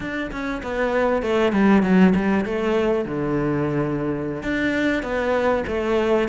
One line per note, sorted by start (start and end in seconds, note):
0.00 0.31 D4
0.31 0.62 C#4
0.62 1.22 B3
1.22 1.52 A3
1.52 1.82 G3
1.82 2.13 F#3
2.15 2.45 G3
2.45 3.05 A3
3.05 4.42 D3
4.42 5.03 D4
5.03 5.64 B3
5.67 6.28 A3